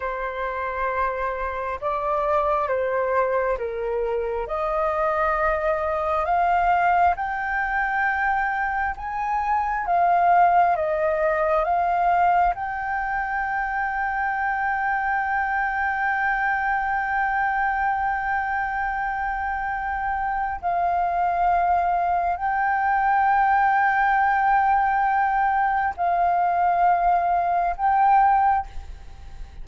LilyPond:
\new Staff \with { instrumentName = "flute" } { \time 4/4 \tempo 4 = 67 c''2 d''4 c''4 | ais'4 dis''2 f''4 | g''2 gis''4 f''4 | dis''4 f''4 g''2~ |
g''1~ | g''2. f''4~ | f''4 g''2.~ | g''4 f''2 g''4 | }